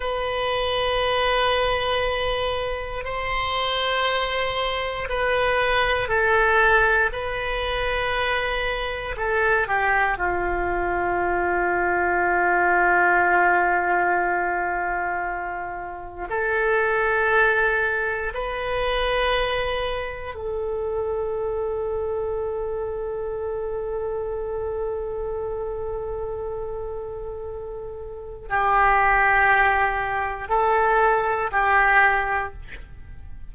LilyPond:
\new Staff \with { instrumentName = "oboe" } { \time 4/4 \tempo 4 = 59 b'2. c''4~ | c''4 b'4 a'4 b'4~ | b'4 a'8 g'8 f'2~ | f'1 |
a'2 b'2 | a'1~ | a'1 | g'2 a'4 g'4 | }